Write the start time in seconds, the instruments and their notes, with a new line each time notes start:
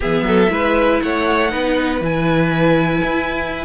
0.00 cello E3, viola B3, violin G#4 E5
0.22 cello F#3, violin A4
0.49 cello G#3, viola E4, violin B4
1.01 cello A3, violin C#5 F#5
1.49 cello B3, viola D#4, violin B4
2.00 cello E3, viola E4, violin G#5
3.03 cello E4